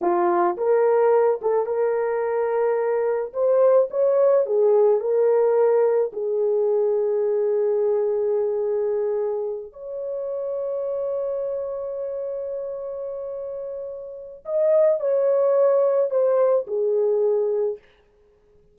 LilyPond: \new Staff \with { instrumentName = "horn" } { \time 4/4 \tempo 4 = 108 f'4 ais'4. a'8 ais'4~ | ais'2 c''4 cis''4 | gis'4 ais'2 gis'4~ | gis'1~ |
gis'4. cis''2~ cis''8~ | cis''1~ | cis''2 dis''4 cis''4~ | cis''4 c''4 gis'2 | }